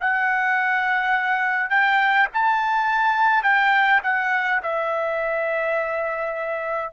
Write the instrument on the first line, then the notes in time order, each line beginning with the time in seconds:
trumpet
0.00 F#5
1.69 G5
2.33 A5
3.43 G5
4.03 F#5
4.63 E5